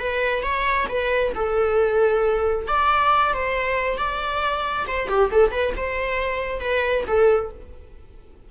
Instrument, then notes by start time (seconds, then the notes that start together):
viola
0.00 B4
0.44 C#5
0.89 B4
1.35 A4
2.68 D5
3.34 C5
3.98 D5
4.88 C5
5.09 G4
5.32 A4
5.52 B4
5.77 C5
6.61 B4
7.07 A4